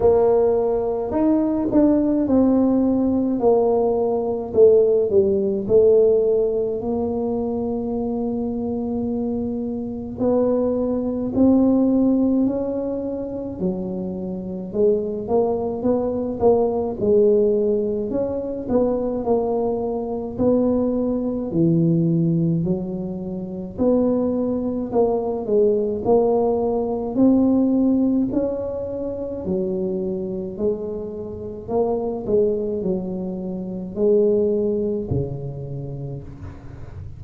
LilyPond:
\new Staff \with { instrumentName = "tuba" } { \time 4/4 \tempo 4 = 53 ais4 dis'8 d'8 c'4 ais4 | a8 g8 a4 ais2~ | ais4 b4 c'4 cis'4 | fis4 gis8 ais8 b8 ais8 gis4 |
cis'8 b8 ais4 b4 e4 | fis4 b4 ais8 gis8 ais4 | c'4 cis'4 fis4 gis4 | ais8 gis8 fis4 gis4 cis4 | }